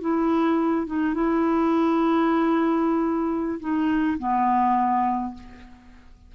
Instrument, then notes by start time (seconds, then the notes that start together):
clarinet
0.00 E4
0.86 D#4
1.14 E4
3.60 D#4
4.18 B3